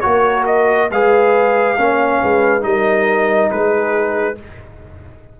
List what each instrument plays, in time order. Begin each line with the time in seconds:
0.00 tuba A#3, trombone F#4, horn A#4, trumpet C#5
0.46 trumpet D#5
0.90 tuba G#3, trombone G#4, horn B4, trumpet F5
1.77 tuba A#3, trombone C#4, horn C#5
2.22 tuba G#3, horn B4
2.61 tuba G3, trombone D#4, horn A#4, trumpet D#5
3.50 tuba G#3, horn G#4, trumpet B4